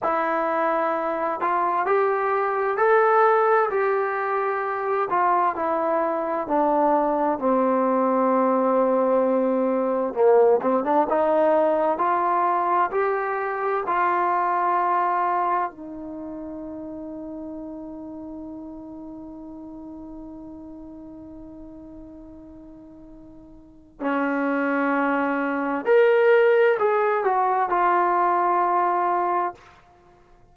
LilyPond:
\new Staff \with { instrumentName = "trombone" } { \time 4/4 \tempo 4 = 65 e'4. f'8 g'4 a'4 | g'4. f'8 e'4 d'4 | c'2. ais8 c'16 d'16 | dis'4 f'4 g'4 f'4~ |
f'4 dis'2.~ | dis'1~ | dis'2 cis'2 | ais'4 gis'8 fis'8 f'2 | }